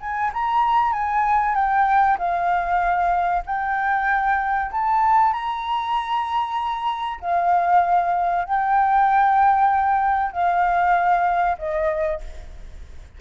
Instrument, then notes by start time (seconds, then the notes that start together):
flute
0.00 G#5
0.34 A#5
0.92 G#5
1.55 G5
2.18 F5
3.46 G5
4.71 A5
5.33 A#5
7.20 F5
8.45 G5
10.32 F5
11.58 D#5